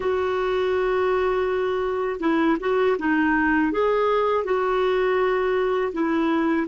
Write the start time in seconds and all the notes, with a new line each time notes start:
0.00 F#4
2.20 E4
2.59 F#4
2.98 D#4
3.72 G#4
4.44 F#4
5.92 E4